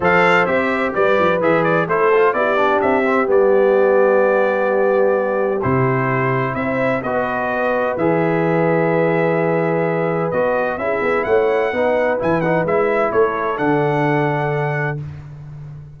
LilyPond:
<<
  \new Staff \with { instrumentName = "trumpet" } { \time 4/4 \tempo 4 = 128 f''4 e''4 d''4 e''8 d''8 | c''4 d''4 e''4 d''4~ | d''1 | c''2 e''4 dis''4~ |
dis''4 e''2.~ | e''2 dis''4 e''4 | fis''2 gis''8 fis''8 e''4 | cis''4 fis''2. | }
  \new Staff \with { instrumentName = "horn" } { \time 4/4 c''2 b'2 | a'4 g'2.~ | g'1~ | g'2 c''4 b'4~ |
b'1~ | b'2. gis'4 | cis''4 b'2. | a'1 | }
  \new Staff \with { instrumentName = "trombone" } { \time 4/4 a'4 g'2 gis'4 | e'8 f'8 e'8 d'4 c'8 b4~ | b1 | e'2. fis'4~ |
fis'4 gis'2.~ | gis'2 fis'4 e'4~ | e'4 dis'4 e'8 dis'8 e'4~ | e'4 d'2. | }
  \new Staff \with { instrumentName = "tuba" } { \time 4/4 f4 c'4 g8 f8 e4 | a4 b4 c'4 g4~ | g1 | c2 c'4 b4~ |
b4 e2.~ | e2 b4 cis'8 b8 | a4 b4 e4 gis4 | a4 d2. | }
>>